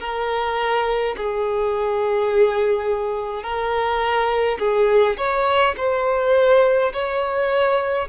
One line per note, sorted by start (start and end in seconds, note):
0.00 1.15 A#4
1.17 3.43 G#4
3.43 4.58 A#4
4.59 5.17 G#4
5.17 5.75 C#5
5.77 6.92 C5
6.93 8.08 C#5